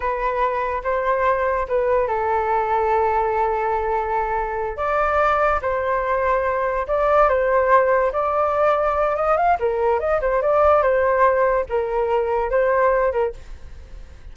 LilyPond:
\new Staff \with { instrumentName = "flute" } { \time 4/4 \tempo 4 = 144 b'2 c''2 | b'4 a'2.~ | a'2.~ a'8 d''8~ | d''4. c''2~ c''8~ |
c''8 d''4 c''2 d''8~ | d''2 dis''8 f''8 ais'4 | dis''8 c''8 d''4 c''2 | ais'2 c''4. ais'8 | }